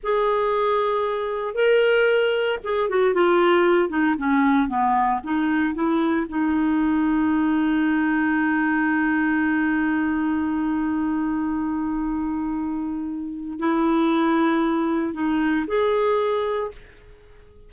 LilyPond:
\new Staff \with { instrumentName = "clarinet" } { \time 4/4 \tempo 4 = 115 gis'2. ais'4~ | ais'4 gis'8 fis'8 f'4. dis'8 | cis'4 b4 dis'4 e'4 | dis'1~ |
dis'1~ | dis'1~ | dis'2 e'2~ | e'4 dis'4 gis'2 | }